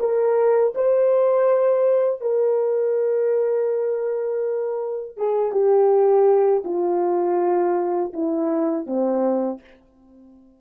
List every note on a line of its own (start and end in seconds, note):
0.00 0.74 A#4
0.75 2.22 C5
2.22 5.18 A#4
5.18 5.53 G#4
5.53 6.64 G4
6.65 8.13 F4
8.14 8.87 E4
8.87 9.61 C4